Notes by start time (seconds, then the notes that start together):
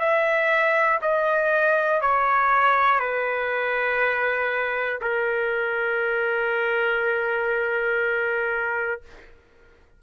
0.00 E5
1.02 D#5
2.01 C#5
3.00 B4
5.02 A#4